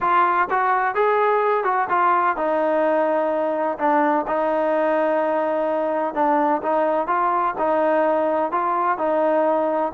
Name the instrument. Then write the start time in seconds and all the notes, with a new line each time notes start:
trombone
0.01 F4
0.50 F#4
0.94 G#4
1.64 F#4
1.89 F4
2.36 D#4
3.78 D4
4.27 D#4
6.14 D4
6.62 D#4
7.07 F4
7.58 D#4
8.51 F4
8.98 D#4